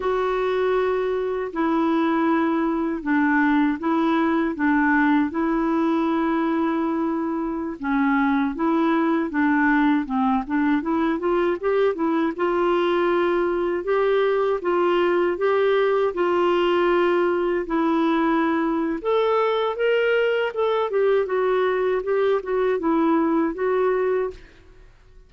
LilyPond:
\new Staff \with { instrumentName = "clarinet" } { \time 4/4 \tempo 4 = 79 fis'2 e'2 | d'4 e'4 d'4 e'4~ | e'2~ e'16 cis'4 e'8.~ | e'16 d'4 c'8 d'8 e'8 f'8 g'8 e'16~ |
e'16 f'2 g'4 f'8.~ | f'16 g'4 f'2 e'8.~ | e'4 a'4 ais'4 a'8 g'8 | fis'4 g'8 fis'8 e'4 fis'4 | }